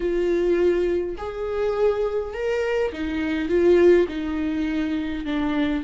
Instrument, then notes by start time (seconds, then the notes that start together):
viola
0.00 F4
1.17 G#4
2.33 A#4
2.92 D#4
3.48 F4
4.08 D#4
5.25 D4